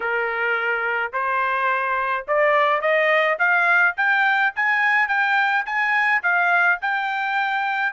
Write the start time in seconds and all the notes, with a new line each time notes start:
0.00 A#4
1.12 C5
2.27 D5
2.81 D#5
3.38 F5
3.96 G5
4.55 G#5
5.08 G5
5.65 G#5
6.22 F5
6.81 G5